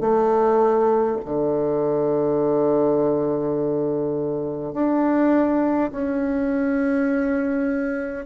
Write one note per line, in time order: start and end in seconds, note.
0.00 1.18 A3
1.25 4.73 D3
4.73 5.90 D4
5.91 8.25 C#4